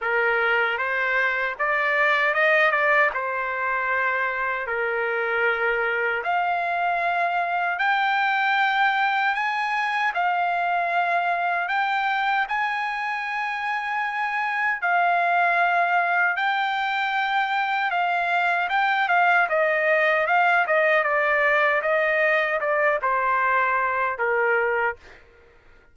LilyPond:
\new Staff \with { instrumentName = "trumpet" } { \time 4/4 \tempo 4 = 77 ais'4 c''4 d''4 dis''8 d''8 | c''2 ais'2 | f''2 g''2 | gis''4 f''2 g''4 |
gis''2. f''4~ | f''4 g''2 f''4 | g''8 f''8 dis''4 f''8 dis''8 d''4 | dis''4 d''8 c''4. ais'4 | }